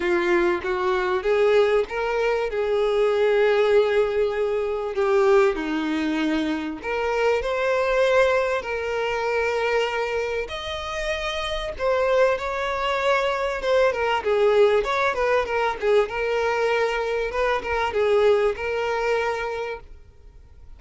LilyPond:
\new Staff \with { instrumentName = "violin" } { \time 4/4 \tempo 4 = 97 f'4 fis'4 gis'4 ais'4 | gis'1 | g'4 dis'2 ais'4 | c''2 ais'2~ |
ais'4 dis''2 c''4 | cis''2 c''8 ais'8 gis'4 | cis''8 b'8 ais'8 gis'8 ais'2 | b'8 ais'8 gis'4 ais'2 | }